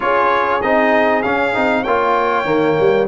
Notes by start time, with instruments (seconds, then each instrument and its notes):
0.00 tuba C#4, trombone F4, horn G#4, trumpet C#5
0.61 tuba C4, trombone D#4, trumpet D#5
1.22 trombone C#4, tuba C#4, trumpet F5
1.53 tuba C4, trombone D#4
1.82 tuba A#3, trombone F4, horn C#5, trumpet G5
2.44 tuba D#3, trombone A#3
2.79 tuba G3